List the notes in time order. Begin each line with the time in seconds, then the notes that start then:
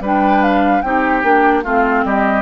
0.00 G3 D4 B4
0.07 G5
0.43 F5
0.82 C4 D#4 G4 G5
1.23 A#3 D4
1.64 A3 C4 F4 F5
2.05 G3 G4 D#5